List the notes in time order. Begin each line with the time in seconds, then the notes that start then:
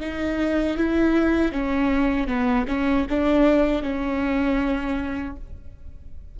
0.00 D#4
0.77 E4
1.52 C#4
2.27 B3
2.67 C#4
3.09 D4
3.82 C#4